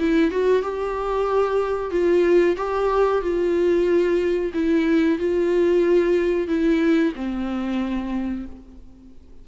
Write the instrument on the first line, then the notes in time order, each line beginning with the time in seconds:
viola
0.00 E4
0.31 F#4
0.63 G4
1.91 F4
2.57 G4
3.22 F4
4.54 E4
5.19 F4
6.48 E4
7.16 C4